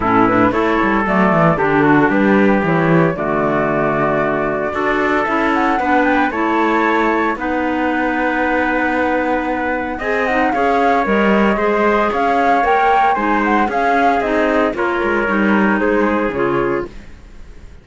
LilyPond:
<<
  \new Staff \with { instrumentName = "flute" } { \time 4/4 \tempo 4 = 114 a'8 b'8 cis''4 d''4 a'4 | b'4 cis''4 d''2~ | d''2 e''8 fis''4 g''8 | a''2 fis''2~ |
fis''2. gis''8 fis''8 | f''4 dis''2 f''4 | g''4 gis''8 fis''8 f''4 dis''4 | cis''2 c''4 cis''4 | }
  \new Staff \with { instrumentName = "trumpet" } { \time 4/4 e'4 a'2 g'8 fis'8 | g'2 fis'2~ | fis'4 a'2 b'4 | cis''2 b'2~ |
b'2. dis''4 | cis''2 c''4 cis''4~ | cis''4 c''4 gis'2 | ais'2 gis'2 | }
  \new Staff \with { instrumentName = "clarinet" } { \time 4/4 cis'8 d'8 e'4 a4 d'4~ | d'4 e'4 a2~ | a4 fis'4 e'4 d'4 | e'2 dis'2~ |
dis'2. gis'8 dis'8 | gis'4 ais'4 gis'2 | ais'4 dis'4 cis'4 dis'4 | f'4 dis'2 f'4 | }
  \new Staff \with { instrumentName = "cello" } { \time 4/4 a,4 a8 g8 fis8 e8 d4 | g4 e4 d2~ | d4 d'4 cis'4 b4 | a2 b2~ |
b2. c'4 | cis'4 g4 gis4 cis'4 | ais4 gis4 cis'4 c'4 | ais8 gis8 g4 gis4 cis4 | }
>>